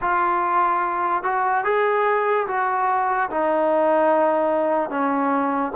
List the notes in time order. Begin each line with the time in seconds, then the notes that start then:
0.01 F4
1.23 F#4
1.64 G#4
2.47 F#4
3.30 D#4
4.89 C#4